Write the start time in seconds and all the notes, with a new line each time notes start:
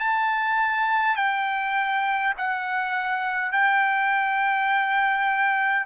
0.00 A5
1.16 G5
2.38 F#5
3.52 G5